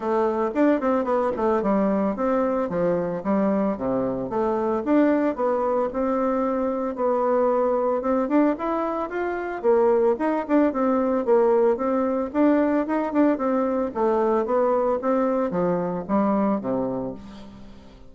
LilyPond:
\new Staff \with { instrumentName = "bassoon" } { \time 4/4 \tempo 4 = 112 a4 d'8 c'8 b8 a8 g4 | c'4 f4 g4 c4 | a4 d'4 b4 c'4~ | c'4 b2 c'8 d'8 |
e'4 f'4 ais4 dis'8 d'8 | c'4 ais4 c'4 d'4 | dis'8 d'8 c'4 a4 b4 | c'4 f4 g4 c4 | }